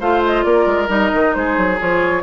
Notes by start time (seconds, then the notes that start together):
0.00 A3 F4 C5 F5
0.26 D#5
0.43 A#3 A#4 D5
0.66 G#3
0.87 G3 D#4 D#5
1.14 D#3
1.34 G#3 G#4 C5
1.57 F#3
1.79 F3 F4 C#5